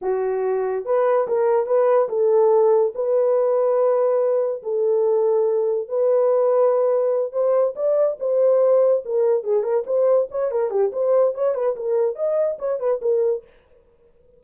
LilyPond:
\new Staff \with { instrumentName = "horn" } { \time 4/4 \tempo 4 = 143 fis'2 b'4 ais'4 | b'4 a'2 b'4~ | b'2. a'4~ | a'2 b'2~ |
b'4. c''4 d''4 c''8~ | c''4. ais'4 gis'8 ais'8 c''8~ | c''8 cis''8 ais'8 g'8 c''4 cis''8 b'8 | ais'4 dis''4 cis''8 b'8 ais'4 | }